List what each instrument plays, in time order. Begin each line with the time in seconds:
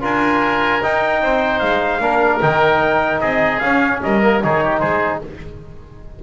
0.00 double bass D4, trombone F4, oboe A#4, trumpet G#5
0.82 double bass D#4, trombone D#4, trumpet G5
1.21 double bass C4, oboe C5
1.59 double bass G#3, trumpet F5
2.00 double bass A#3, trombone D4, oboe A#4
2.41 double bass D#3, trombone D#4, trumpet G5
3.20 double bass C4, oboe G#4, trumpet D#5
3.59 double bass C#4, trombone C#4, trumpet F5
4.02 double bass G3, oboe A#4, trumpet D#5
4.21 trombone A#3
4.42 double bass D#3, trombone D#4, oboe G#4, trumpet C#5
4.64 oboe G4
4.79 double bass G#3, oboe G#4, trumpet C5